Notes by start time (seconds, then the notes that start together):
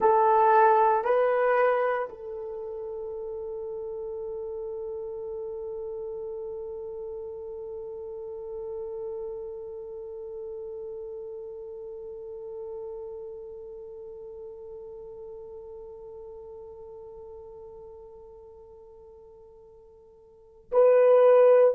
0.00 A4
1.04 B4
2.09 A4
20.71 B4